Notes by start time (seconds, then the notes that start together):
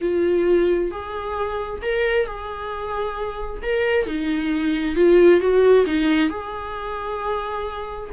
0.01 F4
0.91 G#4
1.82 A#4
2.26 G#4
3.62 A#4
4.06 D#4
4.95 F4
5.40 F#4
5.85 D#4
6.29 G#4